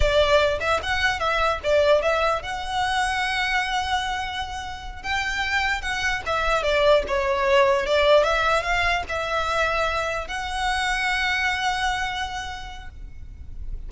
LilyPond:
\new Staff \with { instrumentName = "violin" } { \time 4/4 \tempo 4 = 149 d''4. e''8 fis''4 e''4 | d''4 e''4 fis''2~ | fis''1~ | fis''8 g''2 fis''4 e''8~ |
e''8 d''4 cis''2 d''8~ | d''8 e''4 f''4 e''4.~ | e''4. fis''2~ fis''8~ | fis''1 | }